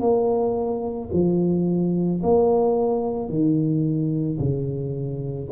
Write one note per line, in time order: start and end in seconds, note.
0.00 1.09 A#3
1.13 2.22 F3
2.23 3.29 A#3
3.29 4.38 D#3
4.39 5.48 C#3